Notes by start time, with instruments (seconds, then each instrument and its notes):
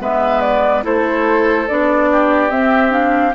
0.00 bassoon G#3, clarinet B3, oboe B4, flute E5
0.41 flute D5
0.83 bassoon A3, clarinet E4, oboe A4, flute C5
1.68 bassoon B3, clarinet D4, flute D5
2.12 oboe G4
2.50 clarinet C4, bassoon C4, flute E5
2.90 clarinet D4, flute F5